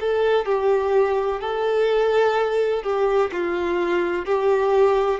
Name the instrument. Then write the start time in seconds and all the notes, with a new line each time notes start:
violin
0.00 A4
0.45 G4
1.40 A4
2.83 G4
3.32 F4
4.25 G4